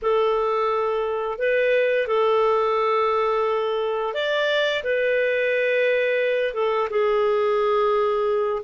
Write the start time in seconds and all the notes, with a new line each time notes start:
0.02 A4
1.38 B4
2.07 A4
4.14 D5
4.83 B4
6.53 A4
6.90 G#4